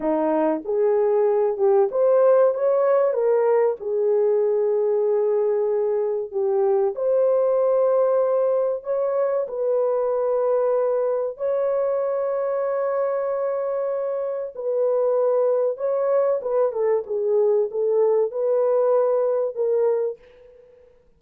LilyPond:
\new Staff \with { instrumentName = "horn" } { \time 4/4 \tempo 4 = 95 dis'4 gis'4. g'8 c''4 | cis''4 ais'4 gis'2~ | gis'2 g'4 c''4~ | c''2 cis''4 b'4~ |
b'2 cis''2~ | cis''2. b'4~ | b'4 cis''4 b'8 a'8 gis'4 | a'4 b'2 ais'4 | }